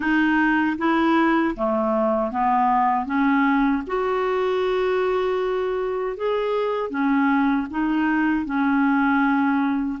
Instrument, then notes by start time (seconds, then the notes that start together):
clarinet
0.00 D#4
0.78 E4
1.56 A3
2.31 B3
3.05 C#4
3.86 F#4
6.16 G#4
6.90 C#4
7.70 D#4
8.45 C#4